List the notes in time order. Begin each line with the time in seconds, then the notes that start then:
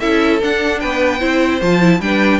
0.00 C#4 E4 A4 E5
0.40 D4 F#5
0.80 B3 B4 G5
1.19 C4 E4 C5
1.62 F3 F4 A5
1.81 E4
2.01 G3 D4 B4 G5